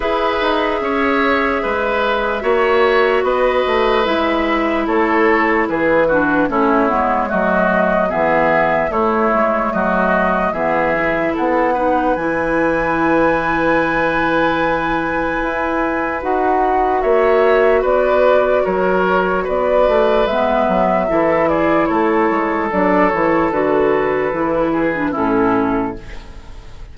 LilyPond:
<<
  \new Staff \with { instrumentName = "flute" } { \time 4/4 \tempo 4 = 74 e''1 | dis''4 e''4 cis''4 b'4 | cis''4 dis''4 e''4 cis''4 | dis''4 e''4 fis''4 gis''4~ |
gis''1 | fis''4 e''4 d''4 cis''4 | d''4 e''4. d''8 cis''4 | d''8 cis''8 b'2 a'4 | }
  \new Staff \with { instrumentName = "oboe" } { \time 4/4 b'4 cis''4 b'4 cis''4 | b'2 a'4 gis'8 fis'8 | e'4 fis'4 gis'4 e'4 | fis'4 gis'4 a'8 b'4.~ |
b'1~ | b'4 cis''4 b'4 ais'4 | b'2 a'8 gis'8 a'4~ | a'2~ a'8 gis'8 e'4 | }
  \new Staff \with { instrumentName = "clarinet" } { \time 4/4 gis'2. fis'4~ | fis'4 e'2~ e'8 d'8 | cis'8 b8 a4 b4 a4~ | a4 b8 e'4 dis'8 e'4~ |
e'1 | fis'1~ | fis'4 b4 e'2 | d'8 e'8 fis'4 e'8. d'16 cis'4 | }
  \new Staff \with { instrumentName = "bassoon" } { \time 4/4 e'8 dis'8 cis'4 gis4 ais4 | b8 a8 gis4 a4 e4 | a8 gis8 fis4 e4 a8 gis8 | fis4 e4 b4 e4~ |
e2. e'4 | dis'4 ais4 b4 fis4 | b8 a8 gis8 fis8 e4 a8 gis8 | fis8 e8 d4 e4 a,4 | }
>>